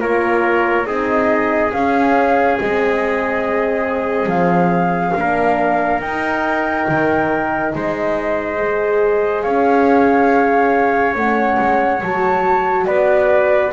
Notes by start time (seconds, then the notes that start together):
0.00 A#3 F4 A#4 C#5
0.86 C4 D#4 G#4 D#5
1.73 C#4 F5
2.60 G#3 C4 D#5
4.27 F3 F5
5.18 A#3 D4 A#4
6.01 D#4 G5
6.89 D#3
7.74 G#3 C5 D#5
8.58 G#4
9.43 C#4 C#5 F5
11.15 A3 C#4 F#5
11.60 G#3
12.03 F#3 F#4 A5
12.86 B3 B4 D5